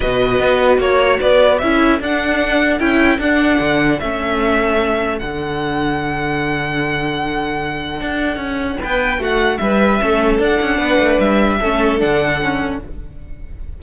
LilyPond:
<<
  \new Staff \with { instrumentName = "violin" } { \time 4/4 \tempo 4 = 150 dis''2 cis''4 d''4 | e''4 fis''2 g''4 | fis''2 e''2~ | e''4 fis''2.~ |
fis''1~ | fis''2 g''4 fis''4 | e''2 fis''2 | e''2 fis''2 | }
  \new Staff \with { instrumentName = "violin" } { \time 4/4 b'2 cis''4 b'4 | a'1~ | a'1~ | a'1~ |
a'1~ | a'2 b'4 fis'4 | b'4 a'2 b'4~ | b'4 a'2. | }
  \new Staff \with { instrumentName = "viola" } { \time 4/4 fis'1 | e'4 d'2 e'4 | d'2 cis'2~ | cis'4 d'2.~ |
d'1~ | d'1~ | d'4 cis'4 d'2~ | d'4 cis'4 d'4 cis'4 | }
  \new Staff \with { instrumentName = "cello" } { \time 4/4 b,4 b4 ais4 b4 | cis'4 d'2 cis'4 | d'4 d4 a2~ | a4 d2.~ |
d1 | d'4 cis'4 b4 a4 | g4 a4 d'8 cis'8 b8 a8 | g4 a4 d2 | }
>>